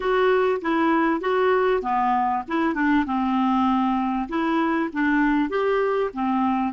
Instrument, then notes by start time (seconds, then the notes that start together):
clarinet
0.00 F#4
0.61 E4
1.20 F#4
1.82 B3
2.48 E4
2.74 D4
3.06 C4
4.29 E4
4.92 D4
5.49 G4
6.13 C4